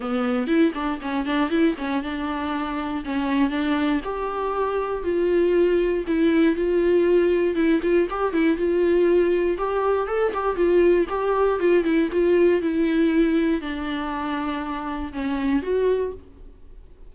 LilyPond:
\new Staff \with { instrumentName = "viola" } { \time 4/4 \tempo 4 = 119 b4 e'8 d'8 cis'8 d'8 e'8 cis'8 | d'2 cis'4 d'4 | g'2 f'2 | e'4 f'2 e'8 f'8 |
g'8 e'8 f'2 g'4 | a'8 g'8 f'4 g'4 f'8 e'8 | f'4 e'2 d'4~ | d'2 cis'4 fis'4 | }